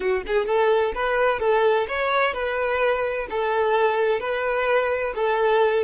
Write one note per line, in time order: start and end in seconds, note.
0.00 0.23 F#4
0.26 0.46 G#4
0.46 0.92 A4
0.94 1.39 B4
1.39 1.86 A4
1.88 2.33 C#5
2.33 3.27 B4
3.29 4.20 A4
4.20 5.13 B4
5.15 5.84 A4